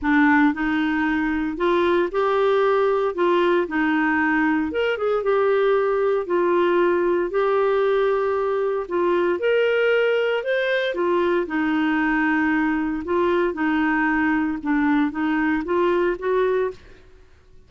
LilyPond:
\new Staff \with { instrumentName = "clarinet" } { \time 4/4 \tempo 4 = 115 d'4 dis'2 f'4 | g'2 f'4 dis'4~ | dis'4 ais'8 gis'8 g'2 | f'2 g'2~ |
g'4 f'4 ais'2 | c''4 f'4 dis'2~ | dis'4 f'4 dis'2 | d'4 dis'4 f'4 fis'4 | }